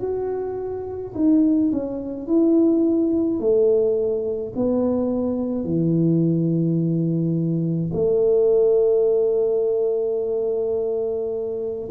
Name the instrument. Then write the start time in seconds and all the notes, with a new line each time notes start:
tuba
0.00 F#4
1.15 D#4
1.72 C#4
2.27 E4
3.40 A3
4.55 B3
5.64 E3
7.93 A3